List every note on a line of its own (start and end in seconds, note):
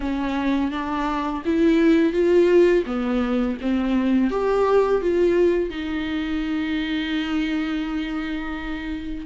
0.00 0.71 C#4
0.71 1.42 D4
1.45 2.12 E4
2.12 2.84 F4
2.86 3.57 B3
3.61 4.30 C4
4.30 5.01 G4
5.01 5.70 F4
5.70 9.26 D#4